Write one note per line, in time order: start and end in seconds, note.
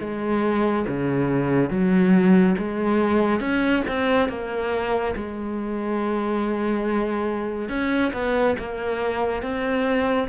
0.00 0.86 G#3
0.88 1.70 C#3
1.70 2.56 F#3
2.58 3.40 G#3
3.40 3.83 C#4
3.88 4.29 C4
4.29 5.14 A#3
5.15 7.69 G#3
7.69 8.12 C#4
8.13 8.56 B3
8.59 9.42 A#3
9.42 10.28 C4